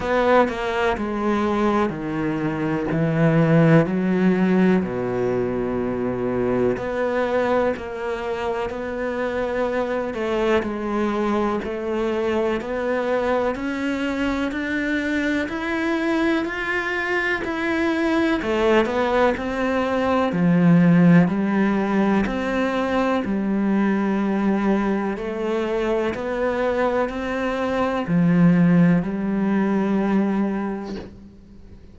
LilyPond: \new Staff \with { instrumentName = "cello" } { \time 4/4 \tempo 4 = 62 b8 ais8 gis4 dis4 e4 | fis4 b,2 b4 | ais4 b4. a8 gis4 | a4 b4 cis'4 d'4 |
e'4 f'4 e'4 a8 b8 | c'4 f4 g4 c'4 | g2 a4 b4 | c'4 f4 g2 | }